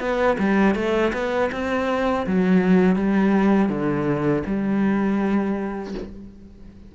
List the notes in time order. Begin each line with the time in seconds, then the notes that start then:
0.00 B3
0.39 G3
0.75 A3
1.13 B3
1.52 C4
2.27 F#3
2.96 G3
3.69 D3
4.46 G3